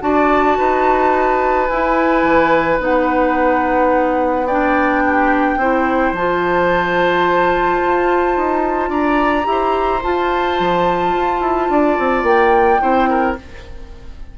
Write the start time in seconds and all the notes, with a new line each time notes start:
0.00 D4 F#4 D5 A5
0.58 D#4 B4
1.67 E4 G#5
2.23 E3
2.79 B3 D#4 F#5
4.46 D4 D5 G5
5.05 G4
5.56 C4 E4 C5
6.12 F3 F4 A5
7.83 F4
8.37 D#4
8.89 D4 D5 A#5
9.44 E4 G4
9.51 C5
10.03 F4 A5
10.59 F3
11.14 F4
11.40 E4
11.69 D4 D5
11.98 C4
12.22 A#3 G5
12.80 C4 E4 C5
13.09 A#4